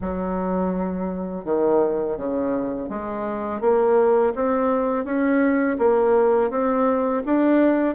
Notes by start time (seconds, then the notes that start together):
0.01 F#3
1.45 D#3
2.17 C#3
2.89 G#3
3.60 A#3
4.35 C4
5.04 C#4
5.78 A#3
6.50 C4
7.25 D4